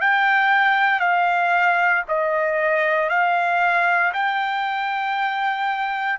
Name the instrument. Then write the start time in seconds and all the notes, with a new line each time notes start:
trumpet
0.00 G5
0.99 F5
2.08 D#5
3.09 F5
4.13 G5